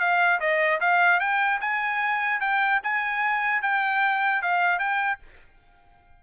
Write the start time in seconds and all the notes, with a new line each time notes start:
0.00 F5
0.41 D#5
0.81 F5
1.21 G5
1.61 G#5
2.41 G5
2.84 G#5
3.62 G5
4.43 F5
4.79 G5